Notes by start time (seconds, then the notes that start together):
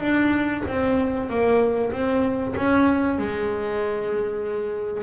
0.00 D4
0.67 C4
1.30 A#3
1.92 C4
2.56 C#4
3.18 G#3